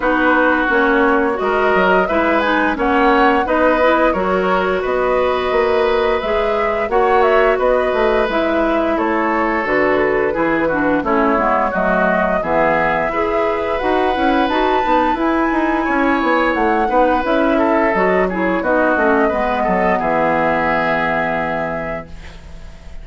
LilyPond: <<
  \new Staff \with { instrumentName = "flute" } { \time 4/4 \tempo 4 = 87 b'4 cis''4 dis''4 e''8 gis''8 | fis''4 dis''4 cis''4 dis''4~ | dis''4 e''4 fis''8 e''8 dis''4 | e''4 cis''4 b'2 |
cis''4 dis''4 e''2 | fis''4 a''4 gis''2 | fis''4 e''4 dis''8 cis''8 dis''4~ | dis''4 e''2. | }
  \new Staff \with { instrumentName = "oboe" } { \time 4/4 fis'2 ais'4 b'4 | cis''4 b'4 ais'4 b'4~ | b'2 cis''4 b'4~ | b'4 a'2 gis'8 fis'8 |
e'4 fis'4 gis'4 b'4~ | b'2. cis''4~ | cis''8 b'4 a'4 gis'8 fis'4 | b'8 a'8 gis'2. | }
  \new Staff \with { instrumentName = "clarinet" } { \time 4/4 dis'4 cis'4 fis'4 e'8 dis'8 | cis'4 dis'8 e'8 fis'2~ | fis'4 gis'4 fis'2 | e'2 fis'4 e'8 d'8 |
cis'8 b8 a4 b4 gis'4 | fis'8 e'8 fis'8 dis'8 e'2~ | e'8 dis'8 e'4 fis'8 e'8 dis'8 cis'8 | b1 | }
  \new Staff \with { instrumentName = "bassoon" } { \time 4/4 b4 ais4 gis8 fis8 gis4 | ais4 b4 fis4 b4 | ais4 gis4 ais4 b8 a8 | gis4 a4 d4 e4 |
a8 gis8 fis4 e4 e'4 | dis'8 cis'8 dis'8 b8 e'8 dis'8 cis'8 b8 | a8 b8 cis'4 fis4 b8 a8 | gis8 fis8 e2. | }
>>